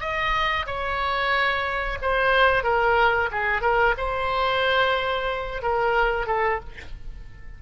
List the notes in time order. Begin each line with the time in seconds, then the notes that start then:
0.00 D#5
0.66 C#5
2.01 C5
2.63 A#4
3.31 G#4
3.61 A#4
3.97 C5
5.62 A#4
6.26 A4